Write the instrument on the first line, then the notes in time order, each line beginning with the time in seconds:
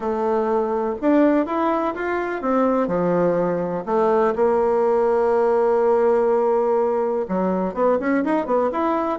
bassoon
0.00 A3
1.01 D4
1.45 E4
1.94 F4
2.41 C4
2.87 F3
3.85 A3
4.35 A#3
7.28 F#3
7.74 B3
7.99 C#4
8.24 D#4
8.45 B3
8.72 E4